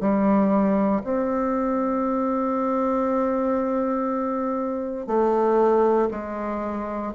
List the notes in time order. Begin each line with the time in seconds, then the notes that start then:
0.00 G3
1.04 C4
5.07 A3
6.11 G#3